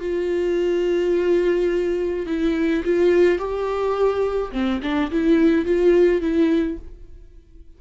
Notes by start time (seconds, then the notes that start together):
0.00 F4
2.27 E4
2.84 F4
3.39 G4
4.52 C4
4.83 D4
5.11 E4
5.65 F4
6.21 E4